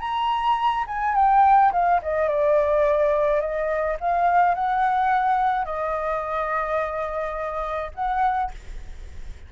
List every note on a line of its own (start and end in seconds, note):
0.00 0.85 A#5
0.87 1.15 G#5
1.15 1.72 G5
1.72 2.01 F5
2.02 2.28 D#5
2.28 3.41 D5
3.41 3.97 D#5
4.00 4.55 F5
4.55 5.65 F#5
5.65 7.92 D#5
7.95 8.51 F#5